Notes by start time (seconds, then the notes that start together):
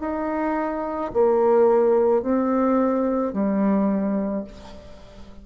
0.00 D#4
1.14 A#3
2.22 C4
3.33 G3